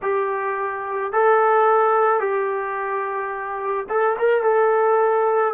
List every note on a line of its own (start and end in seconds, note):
0.02 1.12 G4
1.12 2.19 A4
2.19 3.86 G4
3.89 4.17 A4
4.18 4.43 A#4
4.43 5.54 A4